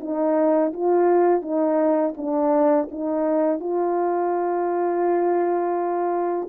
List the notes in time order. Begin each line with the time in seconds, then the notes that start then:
0.00 D#4
0.73 F4
1.42 D#4
2.17 D4
2.91 D#4
3.59 F4